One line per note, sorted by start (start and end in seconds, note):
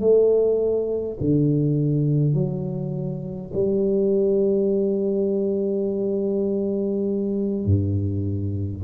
0.00 1.18 A3
1.20 2.34 D3
2.34 3.52 F#3
3.53 7.65 G3
7.65 8.83 G2